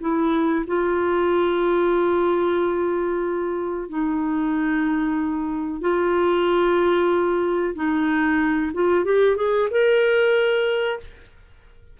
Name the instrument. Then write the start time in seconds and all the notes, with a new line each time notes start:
clarinet
0.00 E4
0.67 F4
3.89 D#4
5.81 F4
7.75 D#4
8.74 F4
9.04 G4
9.36 G#4
9.70 A#4